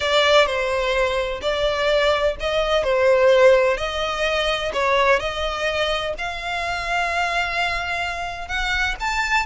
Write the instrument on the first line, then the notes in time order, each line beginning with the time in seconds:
violin
0.00 D5
0.46 C5
1.41 D5
2.40 D#5
2.83 C5
3.77 D#5
4.73 C#5
5.19 D#5
6.18 F5
8.48 F#5
8.99 A5